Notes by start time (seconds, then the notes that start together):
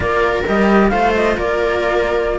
0.00 A#3 F4 A#4 D5
0.46 G3 G4 D#5
0.89 A3 F4 C5 F5
1.14 D#5
1.37 A#3 A#4 D5